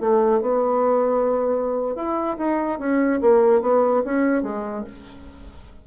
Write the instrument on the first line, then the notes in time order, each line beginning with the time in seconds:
bassoon
0.00 A3
0.41 B3
1.95 E4
2.37 D#4
2.79 C#4
3.21 A#3
3.61 B3
4.04 C#4
4.43 G#3